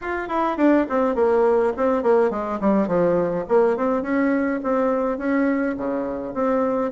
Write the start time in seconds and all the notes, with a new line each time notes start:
0.01 F4
0.28 E4
0.57 D4
0.89 C4
1.15 A#3
1.76 C4
2.02 A#3
2.30 G#3
2.60 G3
2.87 F3
3.48 A#3
3.77 C4
4.02 C#4
4.63 C4
5.18 C#4
5.77 C#3
6.34 C4